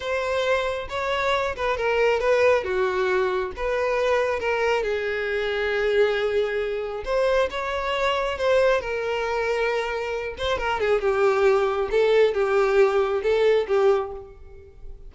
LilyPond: \new Staff \with { instrumentName = "violin" } { \time 4/4 \tempo 4 = 136 c''2 cis''4. b'8 | ais'4 b'4 fis'2 | b'2 ais'4 gis'4~ | gis'1 |
c''4 cis''2 c''4 | ais'2.~ ais'8 c''8 | ais'8 gis'8 g'2 a'4 | g'2 a'4 g'4 | }